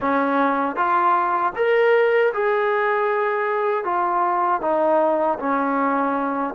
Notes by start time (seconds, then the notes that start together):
0.00 C#4
0.76 F4
1.55 A#4
2.33 G#4
3.84 F4
4.61 D#4
5.39 C#4